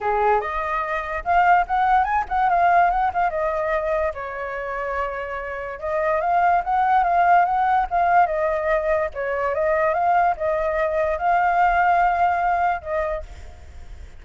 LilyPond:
\new Staff \with { instrumentName = "flute" } { \time 4/4 \tempo 4 = 145 gis'4 dis''2 f''4 | fis''4 gis''8 fis''8 f''4 fis''8 f''8 | dis''2 cis''2~ | cis''2 dis''4 f''4 |
fis''4 f''4 fis''4 f''4 | dis''2 cis''4 dis''4 | f''4 dis''2 f''4~ | f''2. dis''4 | }